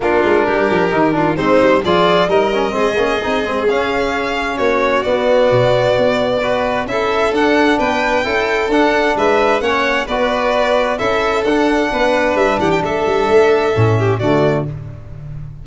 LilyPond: <<
  \new Staff \with { instrumentName = "violin" } { \time 4/4 \tempo 4 = 131 ais'2. c''4 | d''4 dis''2. | f''2 cis''4 d''4~ | d''2. e''4 |
fis''4 g''2 fis''4 | e''4 fis''4 d''2 | e''4 fis''2 e''8 fis''16 g''16 | e''2. d''4 | }
  \new Staff \with { instrumentName = "violin" } { \time 4/4 f'4 g'4. f'8 dis'4 | gis'4 ais'4 gis'2~ | gis'2 fis'2~ | fis'2 b'4 a'4~ |
a'4 b'4 a'2 | b'4 cis''4 b'2 | a'2 b'4. g'8 | a'2~ a'8 g'8 fis'4 | }
  \new Staff \with { instrumentName = "trombone" } { \time 4/4 d'2 dis'8 d'8 c'4 | f'4 dis'8 cis'8 c'8 cis'8 dis'8 c'8 | cis'2. b4~ | b2 fis'4 e'4 |
d'2 e'4 d'4~ | d'4 cis'4 fis'2 | e'4 d'2.~ | d'2 cis'4 a4 | }
  \new Staff \with { instrumentName = "tuba" } { \time 4/4 ais8 gis8 g8 f8 dis4 gis8 g8 | f4 g4 gis8 ais8 c'8 gis8 | cis'2 ais4 b4 | b,4 b2 cis'4 |
d'4 b4 cis'4 d'4 | gis4 ais4 b2 | cis'4 d'4 b4 g8 e8 | a8 g8 a4 a,4 d4 | }
>>